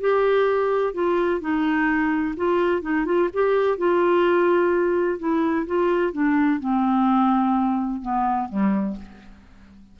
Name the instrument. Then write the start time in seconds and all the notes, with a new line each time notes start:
clarinet
0.00 G4
0.94 F4
1.40 D#4
2.36 F4
2.81 D#4
3.05 F4
3.33 G4
3.77 F4
5.19 E4
5.66 F4
6.12 D4
6.59 C4
8.01 B3
8.48 G3